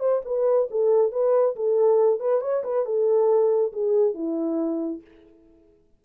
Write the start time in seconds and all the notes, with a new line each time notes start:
0.00 C5
0.25 B4
0.71 A4
1.12 B4
1.56 A4
2.20 B4
2.42 C#5
2.64 B4
2.86 A4
3.73 G#4
4.15 E4